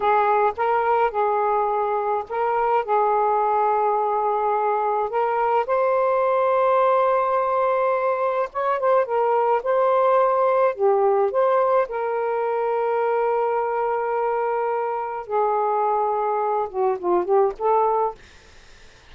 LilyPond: \new Staff \with { instrumentName = "saxophone" } { \time 4/4 \tempo 4 = 106 gis'4 ais'4 gis'2 | ais'4 gis'2.~ | gis'4 ais'4 c''2~ | c''2. cis''8 c''8 |
ais'4 c''2 g'4 | c''4 ais'2.~ | ais'2. gis'4~ | gis'4. fis'8 f'8 g'8 a'4 | }